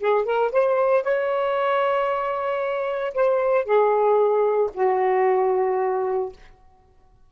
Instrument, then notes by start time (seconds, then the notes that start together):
saxophone
0.00 G#4
0.25 A#4
0.52 C5
1.04 C#5
3.14 C5
3.65 G#4
4.74 F#4